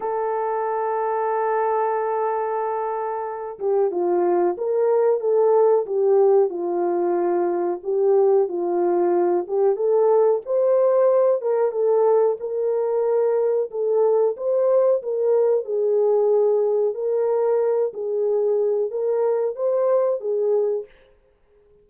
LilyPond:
\new Staff \with { instrumentName = "horn" } { \time 4/4 \tempo 4 = 92 a'1~ | a'4. g'8 f'4 ais'4 | a'4 g'4 f'2 | g'4 f'4. g'8 a'4 |
c''4. ais'8 a'4 ais'4~ | ais'4 a'4 c''4 ais'4 | gis'2 ais'4. gis'8~ | gis'4 ais'4 c''4 gis'4 | }